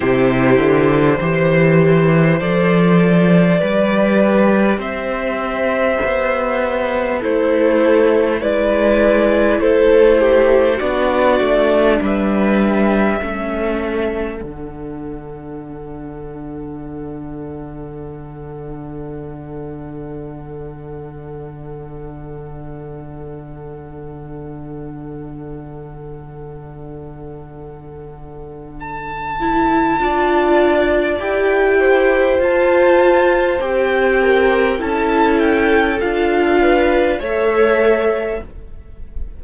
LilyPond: <<
  \new Staff \with { instrumentName = "violin" } { \time 4/4 \tempo 4 = 50 c''2 d''2 | e''2 c''4 d''4 | c''4 d''4 e''2 | fis''1~ |
fis''1~ | fis''1 | a''2 g''4 a''4 | g''4 a''8 g''8 f''4 e''4 | }
  \new Staff \with { instrumentName = "violin" } { \time 4/4 g'4 c''2 b'4 | c''2 e'4 b'4 | a'8 g'8 fis'4 b'4 a'4~ | a'1~ |
a'1~ | a'1~ | a'4 d''4. c''4.~ | c''8 ais'8 a'4. b'8 cis''4 | }
  \new Staff \with { instrumentName = "viola" } { \time 4/4 e'4 g'4 a'4 g'4~ | g'2 a'4 e'4~ | e'4 d'2 cis'4 | d'1~ |
d'1~ | d'1~ | d'8 e'8 f'4 g'4 f'4 | g'4 e'4 f'4 a'4 | }
  \new Staff \with { instrumentName = "cello" } { \time 4/4 c8 d8 e4 f4 g4 | c'4 b4 a4 gis4 | a4 b8 a8 g4 a4 | d1~ |
d1~ | d1~ | d4 d'4 e'4 f'4 | c'4 cis'4 d'4 a4 | }
>>